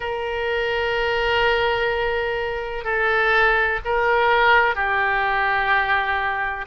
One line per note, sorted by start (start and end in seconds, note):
0.00 2.84 A#4
2.84 3.79 A4
3.84 4.75 A#4
4.75 6.65 G4